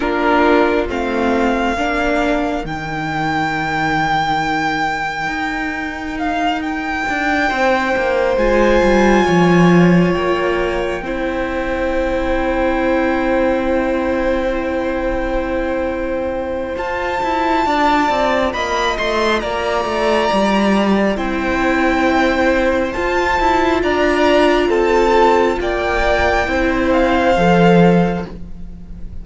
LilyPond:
<<
  \new Staff \with { instrumentName = "violin" } { \time 4/4 \tempo 4 = 68 ais'4 f''2 g''4~ | g''2. f''8 g''8~ | g''4. gis''2 g''8~ | g''1~ |
g''2. a''4~ | a''4 b''8 c'''8 ais''2 | g''2 a''4 ais''4 | a''4 g''4. f''4. | }
  \new Staff \with { instrumentName = "violin" } { \time 4/4 f'2 ais'2~ | ais'1~ | ais'8 c''2 cis''4.~ | cis''8 c''2.~ c''8~ |
c''1 | d''4 dis''4 d''2 | c''2. d''4 | a'4 d''4 c''2 | }
  \new Staff \with { instrumentName = "viola" } { \time 4/4 d'4 c'4 d'4 dis'4~ | dis'1~ | dis'4. f'2~ f'8~ | f'8 e'2.~ e'8~ |
e'2. f'4~ | f'1 | e'2 f'2~ | f'2 e'4 a'4 | }
  \new Staff \with { instrumentName = "cello" } { \time 4/4 ais4 a4 ais4 dis4~ | dis2 dis'2 | d'8 c'8 ais8 gis8 g8 f4 ais8~ | ais8 c'2.~ c'8~ |
c'2. f'8 e'8 | d'8 c'8 ais8 a8 ais8 a8 g4 | c'2 f'8 e'8 d'4 | c'4 ais4 c'4 f4 | }
>>